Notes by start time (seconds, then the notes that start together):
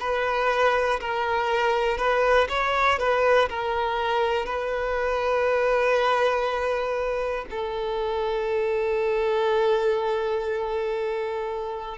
0.00 B4
1.00 A#4
1.98 B4
2.49 C#5
2.99 B4
3.50 A#4
4.46 B4
7.50 A4